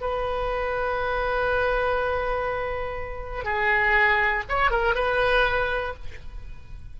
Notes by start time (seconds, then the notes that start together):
0.00 B4
3.44 G#4
4.49 C#5
4.71 A#4
4.95 B4